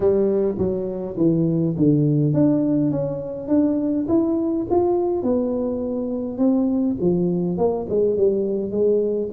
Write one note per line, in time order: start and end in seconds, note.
0.00 0.55 G3
0.57 1.16 F#3
1.17 1.75 E3
1.76 2.33 D3
2.33 2.91 D4
2.91 3.48 C#4
3.48 4.06 D4
4.08 4.66 E4
4.70 5.22 F4
5.22 6.38 B3
6.38 6.96 C4
7.00 7.57 F3
7.57 7.86 A#3
7.89 8.17 G#3
8.17 8.71 G3
8.71 9.29 G#3